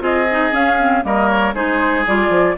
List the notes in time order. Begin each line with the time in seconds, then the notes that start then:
0.00 C4 F4 G#4 D#5
0.31 D#4
0.51 C#4 F5
0.79 C4
1.03 G3 A#3 A#4 D#5
1.28 C#5
1.54 G#3 D#4 G#4 C5
2.06 G3 F4 D5
2.29 F3